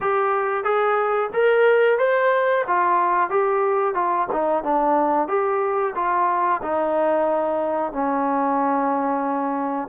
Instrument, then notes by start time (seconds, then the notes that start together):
trombone
0.00 G4
0.64 G#4
1.33 A#4
1.98 C5
2.67 F4
3.30 G4
3.94 F4
4.32 D#4
4.63 D4
5.27 G4
5.95 F4
6.62 D#4
7.92 C#4